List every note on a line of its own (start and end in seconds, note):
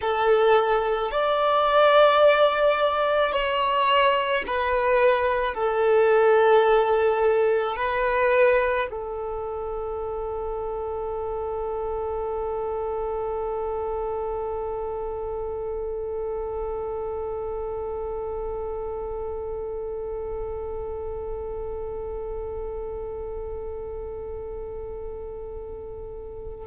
0.01 1.11 A4
1.11 3.32 D5
3.32 4.43 C#5
4.46 5.54 B4
5.54 7.76 A4
7.76 8.87 B4
8.90 26.67 A4